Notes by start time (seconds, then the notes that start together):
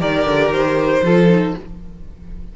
0.00 D#3 G4 A#4 D5
0.27 D3
0.49 D#3 C5
1.02 F3 F4 A4
1.29 D#4